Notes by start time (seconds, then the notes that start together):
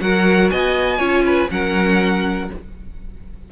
0.00 F#3 F#4 A#4 F#5
0.50 B3 D#5 G#5
0.98 C#4 F4 C#5
1.26 B4
1.50 F#3 C#4 A#4 F#5